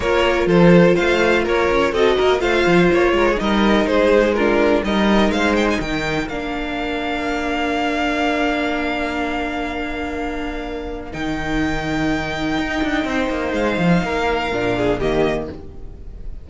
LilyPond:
<<
  \new Staff \with { instrumentName = "violin" } { \time 4/4 \tempo 4 = 124 cis''4 c''4 f''4 cis''4 | dis''4 f''4 cis''4 dis''4 | c''4 ais'4 dis''4 f''8 g''16 gis''16 | g''4 f''2.~ |
f''1~ | f''2. g''4~ | g''1 | f''2. dis''4 | }
  \new Staff \with { instrumentName = "violin" } { \time 4/4 ais'4 a'4 c''4 ais'4 | a'8 ais'8 c''4. ais'16 gis'16 ais'4 | gis'4 f'4 ais'4 c''4 | ais'1~ |
ais'1~ | ais'1~ | ais'2. c''4~ | c''4 ais'4. gis'8 g'4 | }
  \new Staff \with { instrumentName = "viola" } { \time 4/4 f'1 | fis'4 f'2 dis'4~ | dis'4 d'4 dis'2~ | dis'4 d'2.~ |
d'1~ | d'2. dis'4~ | dis'1~ | dis'2 d'4 ais4 | }
  \new Staff \with { instrumentName = "cello" } { \time 4/4 ais4 f4 a4 ais8 cis'8 | c'8 ais8 a8 f8 ais8 gis8 g4 | gis2 g4 gis4 | dis4 ais2.~ |
ais1~ | ais2. dis4~ | dis2 dis'8 d'8 c'8 ais8 | gis8 f8 ais4 ais,4 dis4 | }
>>